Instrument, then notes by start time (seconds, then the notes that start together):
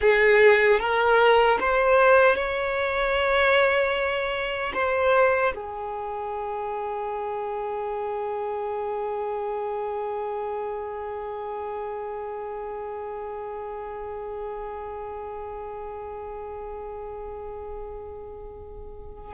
violin
0.00 G#4
0.79 A#4
1.60 C5
2.35 C#5
4.74 C5
5.55 G#4